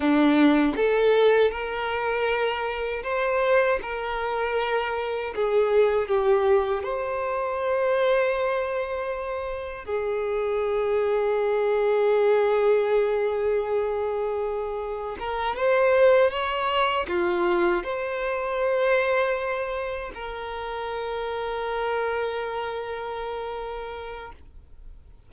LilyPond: \new Staff \with { instrumentName = "violin" } { \time 4/4 \tempo 4 = 79 d'4 a'4 ais'2 | c''4 ais'2 gis'4 | g'4 c''2.~ | c''4 gis'2.~ |
gis'1 | ais'8 c''4 cis''4 f'4 c''8~ | c''2~ c''8 ais'4.~ | ais'1 | }